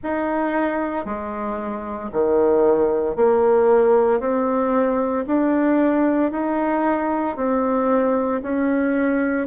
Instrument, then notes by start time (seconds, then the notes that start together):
bassoon
0.03 D#4
1.05 G#3
2.12 D#3
3.16 A#3
4.20 C4
5.26 D4
6.32 D#4
7.36 C4
8.42 C#4